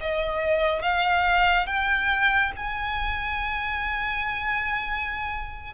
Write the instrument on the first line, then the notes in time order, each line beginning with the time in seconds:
violin
0.00 D#5
0.82 F5
1.66 G5
2.56 G#5